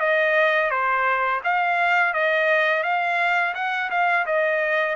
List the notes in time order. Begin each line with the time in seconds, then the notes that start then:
0.00 D#5
0.71 C5
1.44 F5
2.14 D#5
2.84 F5
3.55 F#5
3.91 F5
4.26 D#5